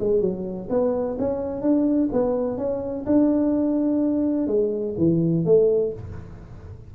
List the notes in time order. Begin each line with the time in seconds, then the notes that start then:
0.00 G#3
0.21 F#3
0.70 B3
1.19 C#4
1.62 D4
2.13 B3
2.58 C#4
3.06 D4
4.48 G#3
4.98 E3
5.45 A3